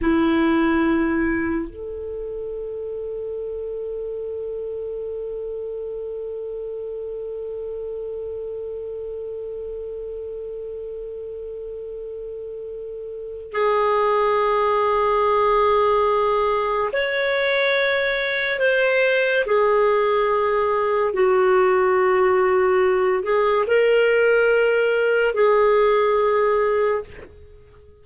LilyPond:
\new Staff \with { instrumentName = "clarinet" } { \time 4/4 \tempo 4 = 71 e'2 a'2~ | a'1~ | a'1~ | a'1 |
gis'1 | cis''2 c''4 gis'4~ | gis'4 fis'2~ fis'8 gis'8 | ais'2 gis'2 | }